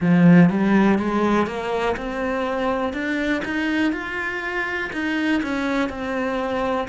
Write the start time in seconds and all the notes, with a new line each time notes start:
0.00 F3
0.49 G3
0.98 G#3
1.47 A#3
1.97 C4
2.93 D4
3.44 D#4
3.92 F4
4.92 D#4
5.42 C#4
5.89 C4